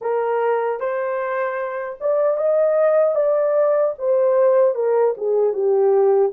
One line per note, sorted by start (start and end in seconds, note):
0.01 0.79 A#4
0.79 1.98 C5
2.00 2.37 D5
2.37 3.15 D#5
3.15 3.94 D5
3.98 4.74 C5
4.74 5.14 A#4
5.17 5.53 G#4
5.53 6.32 G4